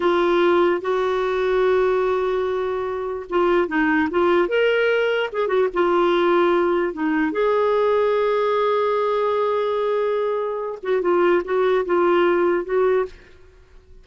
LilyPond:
\new Staff \with { instrumentName = "clarinet" } { \time 4/4 \tempo 4 = 147 f'2 fis'2~ | fis'1 | f'4 dis'4 f'4 ais'4~ | ais'4 gis'8 fis'8 f'2~ |
f'4 dis'4 gis'2~ | gis'1~ | gis'2~ gis'8 fis'8 f'4 | fis'4 f'2 fis'4 | }